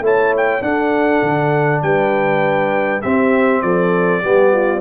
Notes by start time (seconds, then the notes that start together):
0.00 A3 E4 C#5 A5
0.37 G5
0.61 D4 A4 F#5
1.22 D3
1.82 G3 B4 G5
3.01 C4 G4 E5
3.61 F3 A4 D5
4.22 G3 B3 G4
4.52 F4